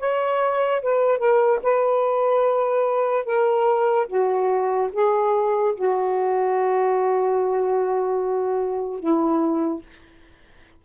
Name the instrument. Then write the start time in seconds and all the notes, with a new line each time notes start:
saxophone
0.00 C#5
0.83 B4
1.19 A#4
1.64 B4
3.25 A#4
4.08 F#4
4.93 G#4
5.76 F#4
9.00 E4